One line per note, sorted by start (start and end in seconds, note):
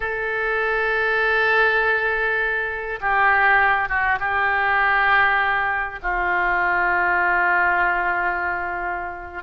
0.00 2.99 A4
3.00 3.88 G4
3.88 4.18 F#4
4.19 5.99 G4
6.02 9.43 F4